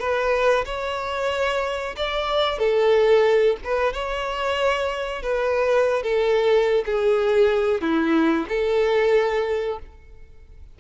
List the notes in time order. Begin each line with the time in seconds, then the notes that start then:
0.00 B4
0.66 C#5
1.97 D5
2.59 A4
3.64 B4
3.94 C#5
5.23 B4
6.03 A4
6.86 G#4
7.82 E4
8.49 A4